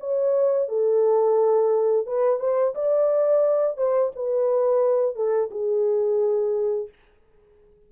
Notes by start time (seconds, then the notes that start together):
0.00 C#5
0.68 A4
2.06 B4
2.39 C5
2.75 D5
3.77 C5
4.16 B4
5.16 A4
5.51 G#4